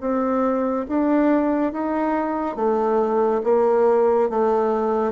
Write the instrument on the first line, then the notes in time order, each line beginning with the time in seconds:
bassoon
0.00 C4
0.88 D4
1.72 D#4
2.56 A3
3.43 A#3
4.29 A3